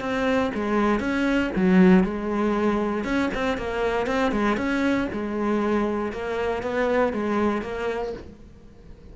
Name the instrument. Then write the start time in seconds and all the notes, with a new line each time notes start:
cello
0.00 C4
0.55 G#3
1.00 C#4
1.56 F#3
2.04 G#3
3.04 C#4
3.34 C4
3.57 A#3
4.07 C4
4.32 G#3
4.57 C#4
5.13 G#3
6.12 A#3
6.63 B3
7.13 G#3
7.62 A#3